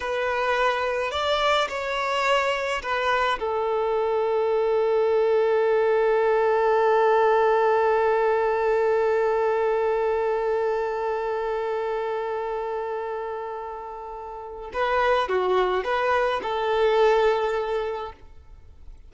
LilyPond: \new Staff \with { instrumentName = "violin" } { \time 4/4 \tempo 4 = 106 b'2 d''4 cis''4~ | cis''4 b'4 a'2~ | a'1~ | a'1~ |
a'1~ | a'1~ | a'2 b'4 fis'4 | b'4 a'2. | }